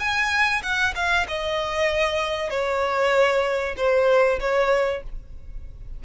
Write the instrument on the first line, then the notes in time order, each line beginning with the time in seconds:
violin
0.00 G#5
0.63 F#5
0.95 F5
1.29 D#5
2.51 C#5
3.77 C5
4.41 C#5